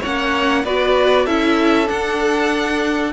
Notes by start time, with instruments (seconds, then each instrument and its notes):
0.00 cello A#3, viola C#4, violin C#5 F#5
0.64 cello B3, viola F#4, violin B4 D5
1.25 cello C#4, viola E4, violin A4 E5
1.86 viola D4, cello D4, violin F#5